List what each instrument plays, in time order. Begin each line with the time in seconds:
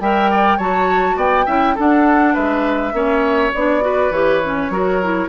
0.00 bassoon G3, clarinet A#4, oboe E5, flute G5
0.31 oboe D5
0.57 bassoon F#3, clarinet F#4, oboe C#5, flute A5
1.16 bassoon B3, oboe D5, flute G5
1.46 bassoon C#4, clarinet E4, oboe E5
1.75 clarinet D4, bassoon D4, oboe A4, flute F#5
2.33 bassoon G#3, oboe B4, flute E5
2.93 bassoon A#3, clarinet C#4, oboe C#5
3.54 bassoon B3, clarinet D4, flute D5
3.81 clarinet F#4, oboe B4
4.10 bassoon E3, clarinet G4, flute C#5
4.44 clarinet C#4
4.69 bassoon F#3, clarinet F#4, oboe A#4
5.03 clarinet E4